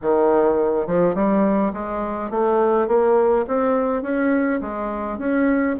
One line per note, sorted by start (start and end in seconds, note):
0.02 0.86 D#3
0.86 1.14 F3
1.14 1.72 G3
1.73 2.30 G#3
2.30 2.87 A3
2.87 3.45 A#3
3.47 4.02 C4
4.02 4.60 C#4
4.60 5.18 G#3
5.18 5.76 C#4